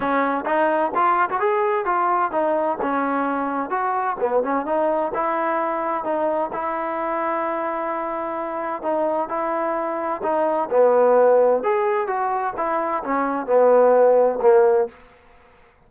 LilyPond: \new Staff \with { instrumentName = "trombone" } { \time 4/4 \tempo 4 = 129 cis'4 dis'4 f'8. fis'16 gis'4 | f'4 dis'4 cis'2 | fis'4 b8 cis'8 dis'4 e'4~ | e'4 dis'4 e'2~ |
e'2. dis'4 | e'2 dis'4 b4~ | b4 gis'4 fis'4 e'4 | cis'4 b2 ais4 | }